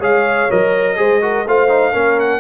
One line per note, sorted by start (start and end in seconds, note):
0.00 0.49 G#3
0.00 0.50 G#4
0.00 0.97 C#5
0.00 0.52 F5
0.51 0.99 F#3
0.51 0.97 A#4
0.51 1.48 D#5
0.97 1.46 G#3
0.97 1.21 G#4
0.97 1.23 C5
1.22 1.46 F#4
1.22 1.47 A#4
1.46 1.95 A3
1.46 1.69 F4
1.46 1.93 C5
1.46 2.20 F5
1.69 1.93 D#4
1.93 2.41 A#3
1.93 2.41 C#4
1.93 2.41 A#4
2.20 2.41 F#5